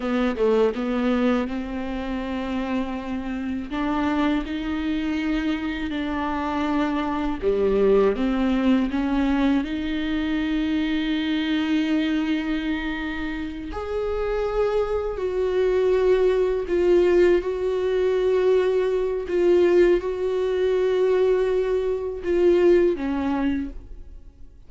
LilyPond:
\new Staff \with { instrumentName = "viola" } { \time 4/4 \tempo 4 = 81 b8 a8 b4 c'2~ | c'4 d'4 dis'2 | d'2 g4 c'4 | cis'4 dis'2.~ |
dis'2~ dis'8 gis'4.~ | gis'8 fis'2 f'4 fis'8~ | fis'2 f'4 fis'4~ | fis'2 f'4 cis'4 | }